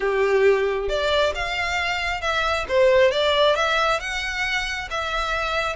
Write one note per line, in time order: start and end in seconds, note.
0.00 0.88 G4
0.88 1.33 D5
1.34 2.21 F5
2.21 2.65 E5
2.68 3.11 C5
3.11 3.55 D5
3.55 4.00 E5
4.00 4.88 F#5
4.90 5.76 E5